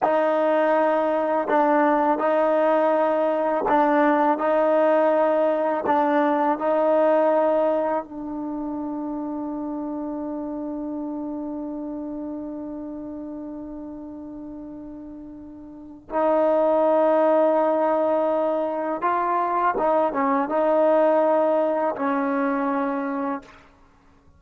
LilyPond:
\new Staff \with { instrumentName = "trombone" } { \time 4/4 \tempo 4 = 82 dis'2 d'4 dis'4~ | dis'4 d'4 dis'2 | d'4 dis'2 d'4~ | d'1~ |
d'1~ | d'2 dis'2~ | dis'2 f'4 dis'8 cis'8 | dis'2 cis'2 | }